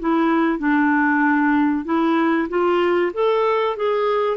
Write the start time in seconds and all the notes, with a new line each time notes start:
0.00 E4
0.59 D4
1.85 E4
2.49 F4
3.13 A4
3.77 G#4